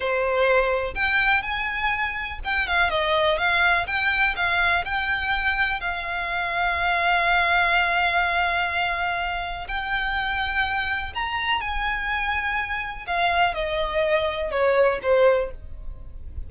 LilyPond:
\new Staff \with { instrumentName = "violin" } { \time 4/4 \tempo 4 = 124 c''2 g''4 gis''4~ | gis''4 g''8 f''8 dis''4 f''4 | g''4 f''4 g''2 | f''1~ |
f''1 | g''2. ais''4 | gis''2. f''4 | dis''2 cis''4 c''4 | }